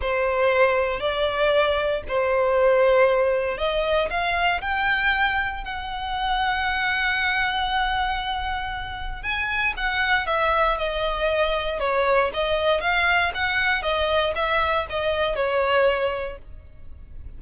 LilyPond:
\new Staff \with { instrumentName = "violin" } { \time 4/4 \tempo 4 = 117 c''2 d''2 | c''2. dis''4 | f''4 g''2 fis''4~ | fis''1~ |
fis''2 gis''4 fis''4 | e''4 dis''2 cis''4 | dis''4 f''4 fis''4 dis''4 | e''4 dis''4 cis''2 | }